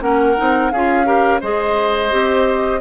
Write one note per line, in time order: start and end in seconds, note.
0.00 0.36 A#3
0.00 0.35 C#4
0.00 0.73 A#4
0.00 0.71 F#5
0.37 0.72 C4
0.37 0.72 D#4
0.71 1.42 C#4
0.71 1.05 F4
0.71 1.06 G#4
0.71 1.40 F5
1.05 1.40 G4
1.05 1.41 A#4
1.41 2.12 G#3
1.41 2.10 G#4
1.41 2.80 C5
1.41 2.81 D#5
2.10 2.81 C4
2.10 2.80 G4